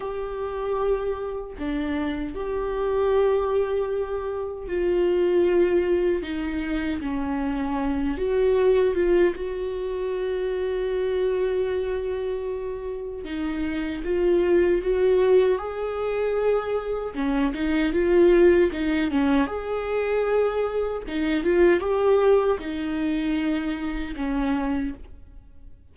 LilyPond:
\new Staff \with { instrumentName = "viola" } { \time 4/4 \tempo 4 = 77 g'2 d'4 g'4~ | g'2 f'2 | dis'4 cis'4. fis'4 f'8 | fis'1~ |
fis'4 dis'4 f'4 fis'4 | gis'2 cis'8 dis'8 f'4 | dis'8 cis'8 gis'2 dis'8 f'8 | g'4 dis'2 cis'4 | }